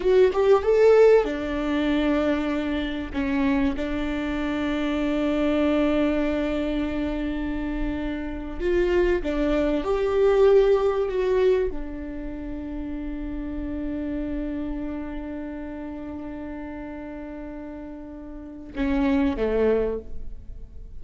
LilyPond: \new Staff \with { instrumentName = "viola" } { \time 4/4 \tempo 4 = 96 fis'8 g'8 a'4 d'2~ | d'4 cis'4 d'2~ | d'1~ | d'4.~ d'16 f'4 d'4 g'16~ |
g'4.~ g'16 fis'4 d'4~ d'16~ | d'1~ | d'1~ | d'2 cis'4 a4 | }